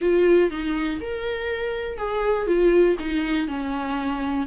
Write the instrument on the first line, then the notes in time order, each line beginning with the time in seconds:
viola
0.01 F4
0.50 D#4
1.01 A#4
1.97 G#4
2.46 F4
2.99 D#4
3.47 C#4